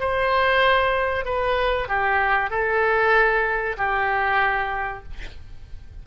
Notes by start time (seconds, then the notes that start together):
0.00 C5
1.25 B4
1.88 G4
2.50 A4
3.77 G4